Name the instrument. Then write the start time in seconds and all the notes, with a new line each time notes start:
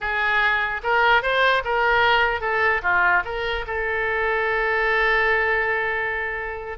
oboe
0.00 G#4
0.83 A#4
1.22 C5
1.64 A#4
2.40 A4
2.82 F4
3.25 A#4
3.66 A4